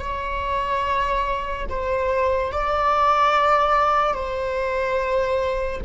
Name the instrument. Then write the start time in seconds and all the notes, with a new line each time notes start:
viola
0.00 C#5
1.70 C5
2.52 D5
4.14 C5